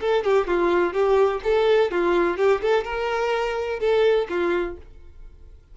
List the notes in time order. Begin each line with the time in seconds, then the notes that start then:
0.00 A4
0.24 G4
0.47 F4
0.93 G4
1.44 A4
1.91 F4
2.37 G4
2.61 A4
2.84 A#4
3.79 A4
4.29 F4